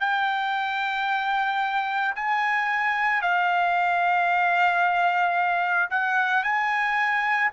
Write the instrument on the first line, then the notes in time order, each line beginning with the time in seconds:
trumpet
0.00 G5
2.15 G#5
3.21 F5
5.90 F#5
6.43 G#5